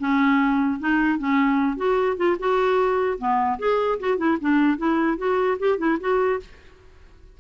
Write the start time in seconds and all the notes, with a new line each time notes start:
0.00 C#4
0.80 D#4
1.19 C#4
1.77 F#4
2.17 F4
2.40 F#4
3.19 B3
3.59 G#4
4.00 F#4
4.18 E4
4.41 D4
4.78 E4
5.18 F#4
5.60 G4
5.78 E4
6.01 F#4